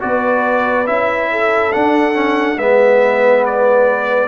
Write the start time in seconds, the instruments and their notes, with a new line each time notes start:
0.00 tuba B3, trombone F#4, horn B4, trumpet D5
0.86 tuba C#4, trombone E4, trumpet E5
1.31 horn A4
1.73 trombone D4, tuba D4, trumpet F#5
2.14 trombone C#4
2.57 tuba G#3, trombone B3, horn B4, trumpet E5
3.46 trumpet D5